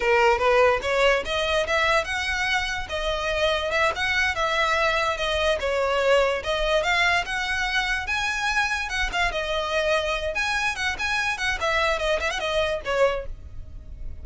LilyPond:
\new Staff \with { instrumentName = "violin" } { \time 4/4 \tempo 4 = 145 ais'4 b'4 cis''4 dis''4 | e''4 fis''2 dis''4~ | dis''4 e''8 fis''4 e''4.~ | e''8 dis''4 cis''2 dis''8~ |
dis''8 f''4 fis''2 gis''8~ | gis''4. fis''8 f''8 dis''4.~ | dis''4 gis''4 fis''8 gis''4 fis''8 | e''4 dis''8 e''16 fis''16 dis''4 cis''4 | }